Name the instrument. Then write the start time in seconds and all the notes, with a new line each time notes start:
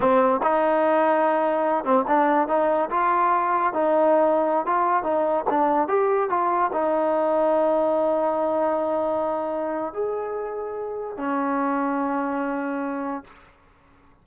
trombone
0.00 C4
0.43 D#4
1.84 C4
2.07 D4
2.48 D#4
2.90 F4
3.73 D#4
4.66 F4
5.03 D#4
5.49 D4
5.88 G4
6.29 F4
6.72 D#4
9.93 G#4
11.17 C#4